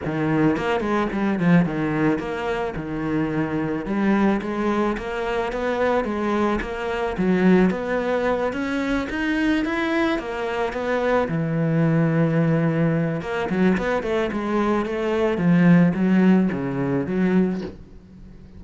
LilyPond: \new Staff \with { instrumentName = "cello" } { \time 4/4 \tempo 4 = 109 dis4 ais8 gis8 g8 f8 dis4 | ais4 dis2 g4 | gis4 ais4 b4 gis4 | ais4 fis4 b4. cis'8~ |
cis'8 dis'4 e'4 ais4 b8~ | b8 e2.~ e8 | ais8 fis8 b8 a8 gis4 a4 | f4 fis4 cis4 fis4 | }